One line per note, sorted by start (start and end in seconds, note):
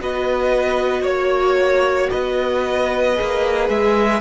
0.00 1.04 B3
0.00 3.15 F#4
0.00 1.02 B4
0.00 1.06 D#5
1.02 2.09 A#3
1.02 2.08 C#5
1.02 2.11 C#5
2.11 3.19 B3
2.11 4.21 B4
2.11 3.68 D#5
3.15 3.70 A#3
3.15 4.21 G#4
3.70 4.21 G#3
3.70 4.21 E5